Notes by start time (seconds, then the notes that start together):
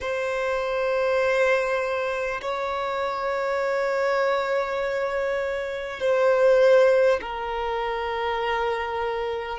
0.01 C5
2.41 C#5
5.99 C5
7.21 A#4